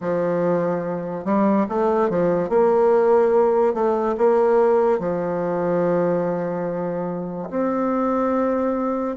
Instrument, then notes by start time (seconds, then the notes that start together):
bassoon
0.00 F3
1.25 G3
1.68 A3
2.09 F3
2.48 A#3
3.73 A3
4.17 A#3
4.99 F3
7.50 C4